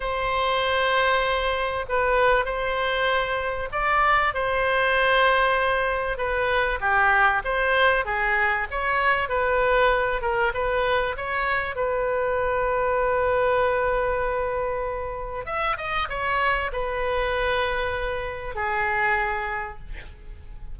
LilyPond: \new Staff \with { instrumentName = "oboe" } { \time 4/4 \tempo 4 = 97 c''2. b'4 | c''2 d''4 c''4~ | c''2 b'4 g'4 | c''4 gis'4 cis''4 b'4~ |
b'8 ais'8 b'4 cis''4 b'4~ | b'1~ | b'4 e''8 dis''8 cis''4 b'4~ | b'2 gis'2 | }